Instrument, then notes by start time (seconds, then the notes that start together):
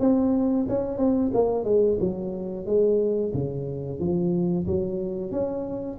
tuba
0.00 C4
0.69 C#4
0.98 C4
1.34 A#3
1.64 G#3
2.00 F#3
2.66 G#3
3.34 C#3
4.00 F3
4.67 F#3
5.31 C#4